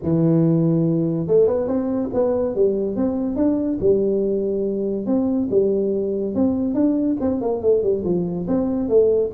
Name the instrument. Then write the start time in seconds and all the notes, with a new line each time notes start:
tuba
0.02 E3
1.27 A3
1.47 B3
1.67 C4
2.13 B3
2.55 G3
2.95 C4
3.36 D4
3.80 G3
5.06 C4
5.50 G3
6.35 C4
6.74 D4
7.20 C4
7.41 A#3
7.62 A3
7.82 G3
8.04 F3
8.47 C4
8.88 A3